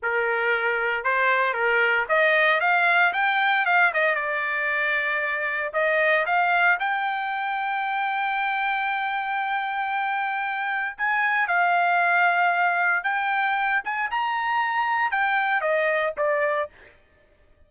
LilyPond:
\new Staff \with { instrumentName = "trumpet" } { \time 4/4 \tempo 4 = 115 ais'2 c''4 ais'4 | dis''4 f''4 g''4 f''8 dis''8 | d''2. dis''4 | f''4 g''2.~ |
g''1~ | g''4 gis''4 f''2~ | f''4 g''4. gis''8 ais''4~ | ais''4 g''4 dis''4 d''4 | }